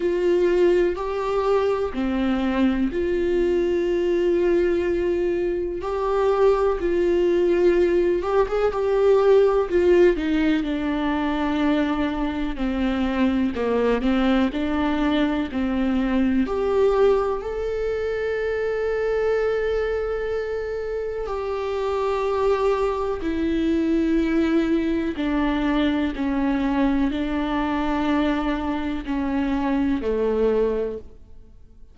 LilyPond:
\new Staff \with { instrumentName = "viola" } { \time 4/4 \tempo 4 = 62 f'4 g'4 c'4 f'4~ | f'2 g'4 f'4~ | f'8 g'16 gis'16 g'4 f'8 dis'8 d'4~ | d'4 c'4 ais8 c'8 d'4 |
c'4 g'4 a'2~ | a'2 g'2 | e'2 d'4 cis'4 | d'2 cis'4 a4 | }